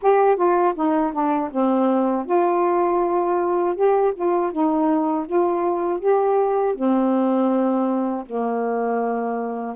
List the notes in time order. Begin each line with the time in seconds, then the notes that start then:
0.01 G4
0.36 F4
0.75 D#4
1.12 D4
1.51 C4
2.25 F4
3.75 G4
4.15 F4
4.52 D#4
5.26 F4
5.99 G4
6.75 C4
8.26 A#3